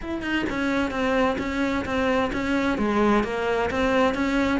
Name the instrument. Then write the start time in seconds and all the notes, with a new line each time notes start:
cello
0.01 E4
0.22 D#4
0.49 C#4
0.90 C4
1.38 C#4
1.85 C4
2.32 C#4
2.78 G#3
3.23 A#3
3.70 C4
4.14 C#4